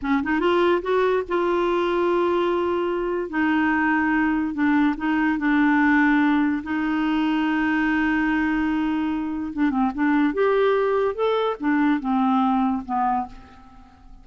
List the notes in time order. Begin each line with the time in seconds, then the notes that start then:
0.02 C#4
0.23 D#4
0.40 F4
0.82 F#4
1.28 F4
3.29 D#4
4.53 D4
4.97 D#4
5.38 D4
6.63 D#4
9.53 D4
9.70 C4
9.94 D4
10.33 G4
11.14 A4
11.60 D4
12.00 C4
12.85 B3